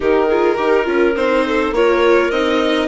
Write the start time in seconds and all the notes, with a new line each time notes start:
0.00 D#3 D#4 G4 A#4
0.27 F4 G#4
0.56 D#4 G4 A#4
0.84 C#4 F4
1.16 C4 D#4 C5
1.46 A4
1.71 A#3 F4 A#4 C#5
2.31 C4 D#4 D#5